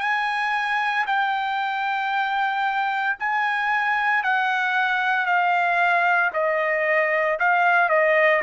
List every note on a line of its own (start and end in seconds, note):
0.00 1.05 G#5
1.06 3.17 G5
3.19 4.23 G#5
4.23 5.25 F#5
5.25 6.31 F5
6.33 7.38 D#5
7.39 7.89 F5
7.89 8.41 D#5